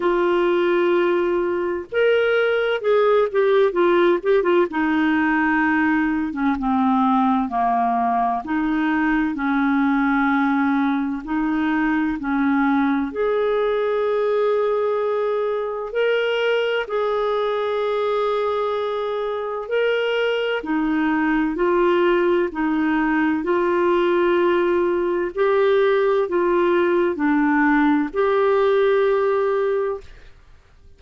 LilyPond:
\new Staff \with { instrumentName = "clarinet" } { \time 4/4 \tempo 4 = 64 f'2 ais'4 gis'8 g'8 | f'8 g'16 f'16 dis'4.~ dis'16 cis'16 c'4 | ais4 dis'4 cis'2 | dis'4 cis'4 gis'2~ |
gis'4 ais'4 gis'2~ | gis'4 ais'4 dis'4 f'4 | dis'4 f'2 g'4 | f'4 d'4 g'2 | }